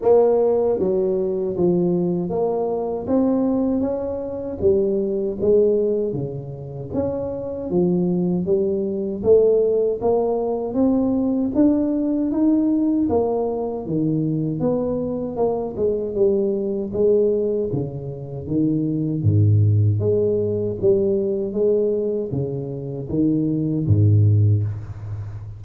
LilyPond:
\new Staff \with { instrumentName = "tuba" } { \time 4/4 \tempo 4 = 78 ais4 fis4 f4 ais4 | c'4 cis'4 g4 gis4 | cis4 cis'4 f4 g4 | a4 ais4 c'4 d'4 |
dis'4 ais4 dis4 b4 | ais8 gis8 g4 gis4 cis4 | dis4 gis,4 gis4 g4 | gis4 cis4 dis4 gis,4 | }